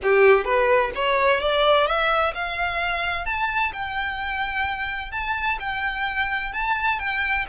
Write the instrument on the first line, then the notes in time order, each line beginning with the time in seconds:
violin
0.02 G4
0.44 B4
0.95 C#5
1.40 D5
1.86 E5
2.34 F5
3.25 A5
3.73 G5
5.11 A5
5.59 G5
6.52 A5
6.99 G5